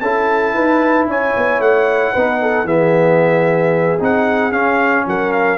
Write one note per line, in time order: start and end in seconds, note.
0.00 0.54 C#4
0.00 2.16 E4
0.00 0.55 A4
0.00 1.06 A5
0.54 1.07 D#4
0.54 1.08 B4
1.07 1.33 C#4
1.07 2.13 C#5
1.07 1.61 G#5
1.37 1.59 B3
1.59 2.12 A3
1.59 2.67 F#5
2.13 2.64 B3
2.13 2.66 D#4
2.13 2.39 B4
2.42 2.66 A4
2.64 3.96 E3
2.64 3.99 B3
2.64 5.05 G#4
2.64 4.00 E5
3.99 4.52 C4
3.99 4.52 D#4
3.99 4.52 F#5
4.52 5.05 C#4
4.52 5.58 C#4
4.52 5.05 F5
5.06 5.58 F#3
5.06 5.58 A#4
5.06 5.32 F#5
5.32 5.58 F5